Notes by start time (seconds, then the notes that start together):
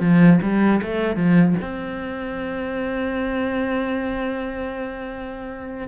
0.00 F3
0.42 G3
0.82 A3
1.16 F3
1.61 C4